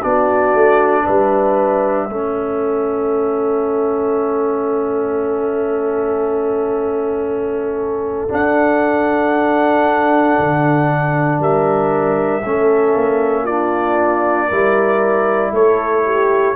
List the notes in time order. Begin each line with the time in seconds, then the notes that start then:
0.00 B3 D4 F#4 D5
0.54 A3
1.04 G3 B4 E5
2.09 A3 C#4 A4
8.28 D4 F#5
10.39 D3
11.40 G3 A#4 E5
12.45 A3 C#4 A4
12.95 A#3
13.44 D4 F4 D5
14.48 G3 E4 A#4
15.52 A3 A4 C#5
16.05 G4